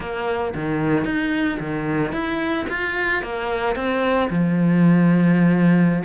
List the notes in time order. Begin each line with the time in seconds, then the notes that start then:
0.00 A#3
0.54 D#3
1.04 D#4
1.59 D#3
2.12 E4
2.69 F4
3.23 A#3
3.75 C4
4.30 F3